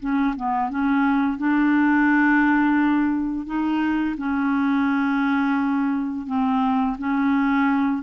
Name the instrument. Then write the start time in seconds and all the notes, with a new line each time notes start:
clarinet
0.00 C#4
0.36 B3
0.70 C#4
1.38 D4
3.46 D#4
4.18 C#4
6.27 C4
6.98 C#4